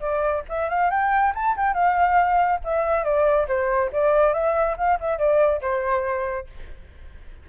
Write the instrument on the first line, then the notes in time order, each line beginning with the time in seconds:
flute
0.00 D5
0.49 E5
0.69 F5
0.90 G5
1.35 A5
1.56 G5
1.74 F5
2.64 E5
3.04 D5
3.48 C5
3.93 D5
4.33 E5
4.77 F5
5.00 E5
5.18 D5
5.61 C5